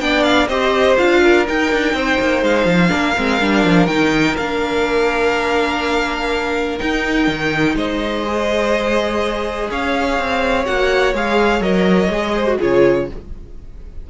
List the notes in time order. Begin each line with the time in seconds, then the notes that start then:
0.00 B3 D4 D5 G5
0.23 F5
0.48 C4 G4 C5 D#5
0.97 D4 F4 F5
1.23 A#4
1.45 D#4 G5
1.72 D4
1.94 C4 C5
2.20 A#3
2.42 G#3 F5
2.65 F3
2.89 A#3 D4 A#4
3.17 G#3 C4
3.40 G3 D4
3.65 F3
3.86 D#3 D#4 G5
4.37 A#3 D4 F5
6.78 D#4 G5
7.27 D#3
7.75 G#3 C5 D#5
8.26 G#4
9.70 C#4 C#5 F5
10.18 C4
10.65 A#3 F#4 F#5
11.13 G#3 G#4 F5
11.60 F#3 A#4 D#5
12.09 G#3 G#4
12.35 C5
12.48 F#4
12.58 C#3 F4 G#4 C#5